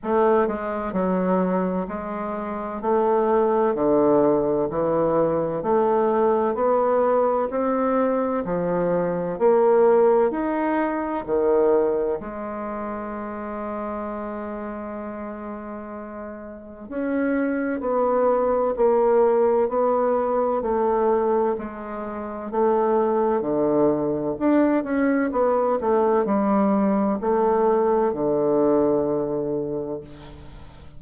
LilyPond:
\new Staff \with { instrumentName = "bassoon" } { \time 4/4 \tempo 4 = 64 a8 gis8 fis4 gis4 a4 | d4 e4 a4 b4 | c'4 f4 ais4 dis'4 | dis4 gis2.~ |
gis2 cis'4 b4 | ais4 b4 a4 gis4 | a4 d4 d'8 cis'8 b8 a8 | g4 a4 d2 | }